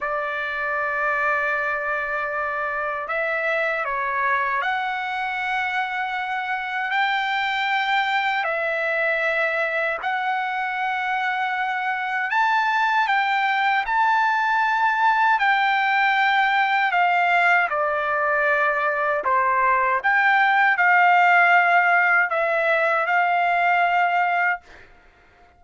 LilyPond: \new Staff \with { instrumentName = "trumpet" } { \time 4/4 \tempo 4 = 78 d''1 | e''4 cis''4 fis''2~ | fis''4 g''2 e''4~ | e''4 fis''2. |
a''4 g''4 a''2 | g''2 f''4 d''4~ | d''4 c''4 g''4 f''4~ | f''4 e''4 f''2 | }